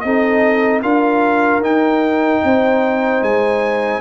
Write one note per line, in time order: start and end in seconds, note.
0.00 0.83 C4
0.00 0.82 D#4
0.00 0.82 A4
0.00 0.80 D#5
0.82 1.60 D4
0.82 1.62 F4
0.82 2.42 A#4
0.82 1.62 F5
1.60 2.40 D#4
1.60 4.00 D#4
1.60 3.23 G5
2.43 3.21 C4
2.43 4.00 C5
3.21 4.00 G#3
3.21 4.00 G#5